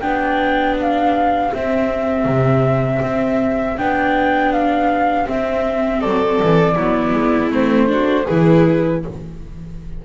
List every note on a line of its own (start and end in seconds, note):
0.00 1.52 B3
0.00 1.51 D4
0.00 6.00 G4
0.00 0.75 G5
0.80 1.54 F5
1.53 2.25 C4
1.53 3.77 C4
1.53 3.78 E5
2.25 3.00 C3
3.02 3.77 C4
3.77 5.27 B3
3.77 5.25 D4
3.77 4.52 G5
4.52 5.27 F5
5.25 6.75 C4
5.25 6.03 C4
5.25 6.00 E5
6.00 6.41 F#3
6.00 6.75 A4
6.00 7.50 D5
6.42 6.75 E3
6.75 7.13 F#3
6.75 7.52 B3
6.75 7.87 E4
7.13 7.50 G#3
7.50 8.25 A3
7.50 7.87 C4
7.50 8.27 C5
7.87 8.24 D4
7.87 8.24 F#4
8.24 9.05 E3
8.24 9.04 E4
8.24 8.99 G#4
8.24 9.02 B4